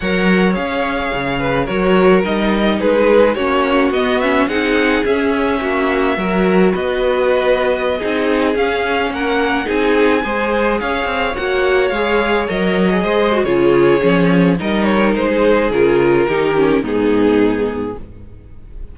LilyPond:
<<
  \new Staff \with { instrumentName = "violin" } { \time 4/4 \tempo 4 = 107 fis''4 f''2 cis''4 | dis''4 b'4 cis''4 dis''8 e''8 | fis''4 e''2. | dis''2.~ dis''16 f''8.~ |
f''16 fis''4 gis''2 f''8.~ | f''16 fis''4 f''4 dis''4.~ dis''16 | cis''2 dis''8 cis''8 c''4 | ais'2 gis'2 | }
  \new Staff \with { instrumentName = "violin" } { \time 4/4 cis''2~ cis''8 b'8 ais'4~ | ais'4 gis'4 fis'2 | gis'2 fis'4 ais'4 | b'2~ b'16 gis'4.~ gis'16~ |
gis'16 ais'4 gis'4 c''4 cis''8.~ | cis''2.~ cis''16 c''8. | gis'2 ais'4~ ais'16 gis'8.~ | gis'4 g'4 dis'2 | }
  \new Staff \with { instrumentName = "viola" } { \time 4/4 ais'4 gis'2 fis'4 | dis'2 cis'4 b8 cis'8 | dis'4 cis'2 fis'4~ | fis'2~ fis'16 dis'4 cis'8.~ |
cis'4~ cis'16 dis'4 gis'4.~ gis'16~ | gis'16 fis'4 gis'4 ais'8. gis'8. fis'16 | f'4 cis'4 dis'2 | f'4 dis'8 cis'8 b2 | }
  \new Staff \with { instrumentName = "cello" } { \time 4/4 fis4 cis'4 cis4 fis4 | g4 gis4 ais4 b4 | c'4 cis'4 ais4 fis4 | b2~ b16 c'4 cis'8.~ |
cis'16 ais4 c'4 gis4 cis'8 c'16~ | c'16 ais4 gis4 fis4 gis8. | cis4 f4 g4 gis4 | cis4 dis4 gis,2 | }
>>